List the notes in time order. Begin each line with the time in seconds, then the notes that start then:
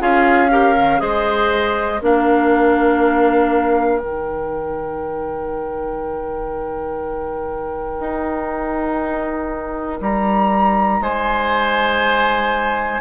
0.00 C#4 F4 G#4 F5
0.51 G4 A#4
0.77 D#3
0.99 G#3 G#4 C5 D#5
2.02 A#3 D4 A#4 F5
3.99 D#3 D#4 G5
8.00 D#4
10.01 G3 A#5
11.01 G#3 C5 G#5